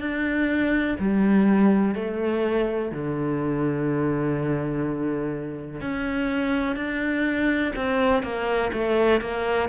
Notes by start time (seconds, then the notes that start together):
0.00 D4
0.99 G3
1.94 A3
2.91 D3
5.81 C#4
6.76 D4
7.76 C4
8.23 A#3
8.73 A3
9.21 A#3